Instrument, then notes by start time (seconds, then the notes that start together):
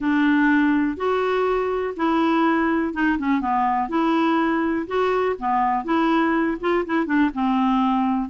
clarinet
0.00 D4
0.96 F#4
1.96 E4
2.93 D#4
3.18 C#4
3.41 B3
3.88 E4
4.87 F#4
5.38 B3
5.84 E4
6.60 F4
6.85 E4
7.06 D4
7.33 C4